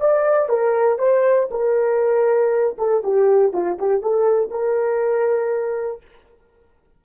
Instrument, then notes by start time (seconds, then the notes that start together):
horn
0.00 D5
0.49 A#4
0.99 C5
1.51 A#4
2.78 A4
3.03 G4
3.53 F4
3.79 G4
4.02 A4
4.51 A#4